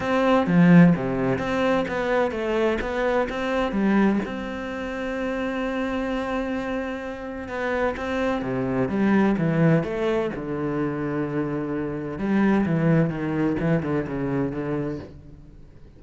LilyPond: \new Staff \with { instrumentName = "cello" } { \time 4/4 \tempo 4 = 128 c'4 f4 c4 c'4 | b4 a4 b4 c'4 | g4 c'2.~ | c'1 |
b4 c'4 c4 g4 | e4 a4 d2~ | d2 g4 e4 | dis4 e8 d8 cis4 d4 | }